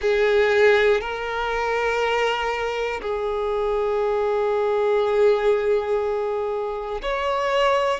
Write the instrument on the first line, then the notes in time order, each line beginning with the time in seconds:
violin
0.01 G#4
1.00 A#4
3.01 G#4
7.01 C#5